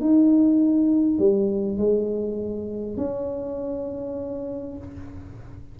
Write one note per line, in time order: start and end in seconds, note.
0.00 1.19 D#4
1.19 1.78 G3
1.78 2.97 G#3
2.97 4.77 C#4